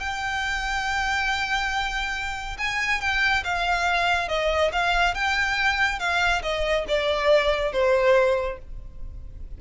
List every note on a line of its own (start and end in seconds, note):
0.00 2.57 G5
2.58 3.01 G#5
3.01 3.43 G5
3.44 4.28 F5
4.28 4.71 D#5
4.72 5.14 F5
5.14 5.99 G5
5.99 6.42 F5
6.42 6.85 D#5
6.88 7.72 D5
7.72 8.58 C5